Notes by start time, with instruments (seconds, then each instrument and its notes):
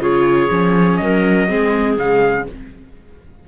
0.00 cello C#3, viola F4, clarinet G#4, trumpet C#5
0.51 cello F3, viola C#4
0.97 cello F#3, clarinet A#4, trumpet D#5
1.48 cello G#3, viola C4, clarinet G#4
1.97 cello C#3, viola G#3, trumpet F5